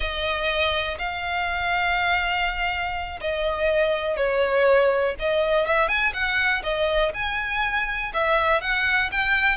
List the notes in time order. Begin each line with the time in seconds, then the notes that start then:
0.00 D#5
0.98 F5
3.20 D#5
4.16 C#5
5.19 D#5
5.66 E5
5.88 G#5
6.13 F#5
6.63 D#5
7.14 G#5
8.13 E5
8.61 F#5
9.11 G5